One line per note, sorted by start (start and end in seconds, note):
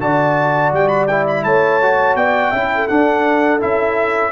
0.00 0.72 D3
0.00 1.08 F#4
0.00 1.46 D5
0.00 0.73 A5
0.72 1.44 G3
0.72 0.88 G5
0.88 1.06 B5
1.08 1.82 E4
1.08 1.26 G5
1.28 1.44 B5
1.44 2.15 A3
1.44 2.18 C#5
1.44 2.16 A5
1.82 2.54 F#4
2.15 2.52 B3
2.15 2.51 D5
2.15 2.88 G5
2.51 2.89 C#4
2.51 2.89 E4
2.51 2.69 E5
2.75 4.32 A4
2.88 3.60 D4
2.88 3.63 D4
2.88 3.61 F#5
3.60 4.32 C#4
3.60 4.32 E4
3.60 4.32 E5